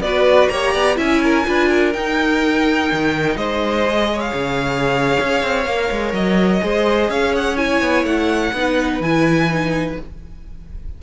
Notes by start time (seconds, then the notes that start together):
0.00 B3 F#4 B4 D5
0.48 A#3 G4 C#5 A#5
0.72 B3 D5
0.96 C#4 E4 E5 G#5
1.23 A#4
1.45 D4 F4 B4
1.69 A#4
1.93 D#4 G5
2.92 D#3
3.36 G#3 C5 D#5
3.85 G#4
4.13 C#5
4.20 F5
4.34 C#3
5.20 C#4
5.43 C4
5.66 A#3 A#4
5.91 G#3
6.13 F#3 D#5
6.61 G#3 G#4 C5
7.09 C#4 C#5 F5
7.35 F#5
7.57 E4 G#5
7.81 B3
8.04 A3 F#5
8.53 B3 D#4 B4
9.00 E3 E4 G#5
9.51 D#4